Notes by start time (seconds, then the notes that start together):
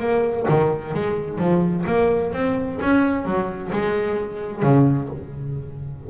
0.00 A#3
0.49 D#3
0.94 G#3
1.39 F3
1.87 A#3
2.33 C4
2.82 C#4
3.25 F#3
3.73 G#3
4.63 C#3